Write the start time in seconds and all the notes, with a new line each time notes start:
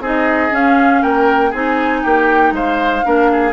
0.00 C4 D#4 G#4 D#5
0.51 C#4 F5
1.02 A#3 A#4 G5
1.50 C4 D#4 G#4 G#5
2.03 A#3 G4 G5
2.52 G#3 C5 F5
3.04 A#3 D4 A#4
3.32 G#4